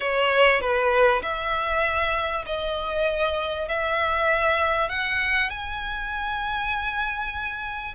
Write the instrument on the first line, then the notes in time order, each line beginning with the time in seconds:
violin
0.00 C#5
0.60 B4
1.22 E5
2.46 D#5
3.68 E5
4.89 F#5
5.49 G#5